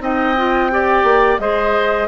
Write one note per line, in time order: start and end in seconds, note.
0.00 1.03 C4
0.00 0.35 D#4
0.00 0.71 D#5
0.00 1.39 G5
0.37 0.71 F4
0.71 1.40 G4
0.71 1.41 D5
1.04 1.38 A#3
1.39 2.08 G#3
1.39 2.08 G#4
1.39 2.08 C5
1.39 2.08 D#5